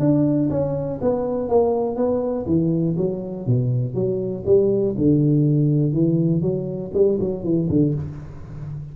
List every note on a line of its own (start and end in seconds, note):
0.00 0.50 D4
0.50 1.00 C#4
1.01 1.49 B3
1.49 1.97 A#3
1.97 2.46 B3
2.47 2.96 E3
2.97 3.47 F#3
3.47 3.95 B2
3.95 4.44 F#3
4.46 4.96 G3
4.98 5.93 D3
5.93 6.42 E3
6.42 6.92 F#3
6.94 7.19 G3
7.20 7.44 F#3
7.44 7.69 E3
7.69 7.94 D3